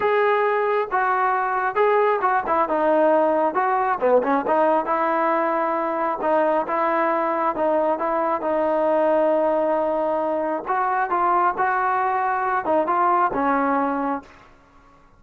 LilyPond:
\new Staff \with { instrumentName = "trombone" } { \time 4/4 \tempo 4 = 135 gis'2 fis'2 | gis'4 fis'8 e'8 dis'2 | fis'4 b8 cis'8 dis'4 e'4~ | e'2 dis'4 e'4~ |
e'4 dis'4 e'4 dis'4~ | dis'1 | fis'4 f'4 fis'2~ | fis'8 dis'8 f'4 cis'2 | }